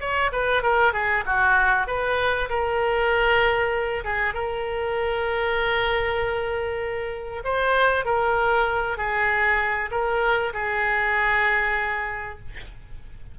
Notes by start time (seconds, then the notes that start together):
0.00 C#5
0.32 B4
0.63 A#4
0.93 G#4
1.26 F#4
1.87 B4
2.49 A#4
4.04 G#4
4.34 A#4
7.44 C5
8.05 A#4
8.97 G#4
9.91 A#4
10.54 G#4